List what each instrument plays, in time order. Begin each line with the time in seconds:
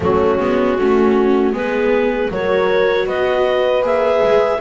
0.00 double bass F#3, viola A3, horn C#4, clarinet F#4
0.39 double bass G#3, viola B3
0.78 double bass A3, viola C#4, horn F#4
1.52 double bass G#3, viola B3, horn G#4, clarinet B4
2.30 double bass F#3, viola F#4, horn A#4, clarinet C#5
3.06 double bass B3, horn B4, clarinet D#5
3.82 double bass A#3, viola G#4, clarinet E5
4.22 double bass G#3